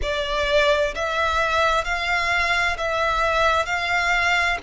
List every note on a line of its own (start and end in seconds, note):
0.02 0.94 D5
0.94 1.84 E5
1.84 2.77 F5
2.77 3.65 E5
3.65 4.57 F5